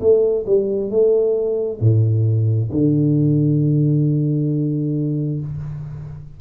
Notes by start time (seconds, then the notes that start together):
0.00 A3
0.46 G3
0.90 A3
1.80 A2
2.72 D3